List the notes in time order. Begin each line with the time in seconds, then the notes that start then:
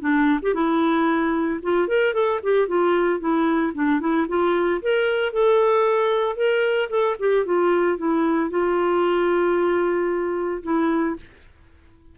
0.00 D4
0.42 G4
0.54 E4
1.62 F4
1.88 A#4
2.14 A4
2.43 G4
2.68 F4
3.20 E4
3.74 D4
4.00 E4
4.28 F4
4.82 A#4
5.32 A4
6.36 A#4
6.90 A4
7.19 G4
7.45 F4
7.98 E4
8.50 F4
10.63 E4